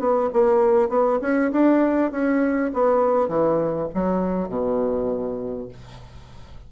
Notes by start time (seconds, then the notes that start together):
0.00 B3
0.33 A#3
0.89 B3
1.22 C#4
1.52 D4
2.12 C#4
2.74 B3
3.29 E3
3.95 F#3
4.49 B2